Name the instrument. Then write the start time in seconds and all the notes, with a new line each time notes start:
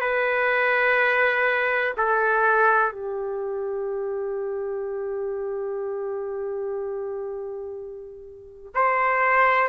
trumpet
0.00 B4
1.97 A4
2.92 G4
8.74 C5